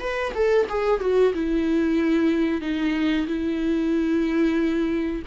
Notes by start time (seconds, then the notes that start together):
0.00 B4
0.35 A4
0.69 G#4
1.01 F#4
1.34 E4
2.61 D#4
3.27 E4